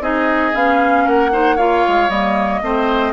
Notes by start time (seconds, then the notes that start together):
0.00 C4 D#4 G#4 D#5
0.53 B3 C#4 F5
1.03 A#3 A#4 F#5
1.31 D#4 C5
1.55 F4 C#5 F5
1.87 G#3
2.09 G3 A#3 D#5
2.62 A3 C4 C5